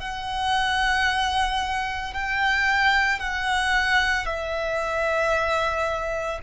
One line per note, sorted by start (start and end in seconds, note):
0.00 2.14 F#5
2.14 3.20 G5
3.20 4.26 F#5
4.26 6.40 E5